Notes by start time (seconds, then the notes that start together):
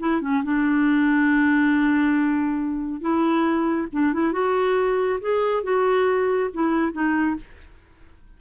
0.00 E4
0.22 C#4
0.44 D4
3.01 E4
3.93 D4
4.13 E4
4.33 F#4
5.21 G#4
5.63 F#4
6.54 E4
6.93 D#4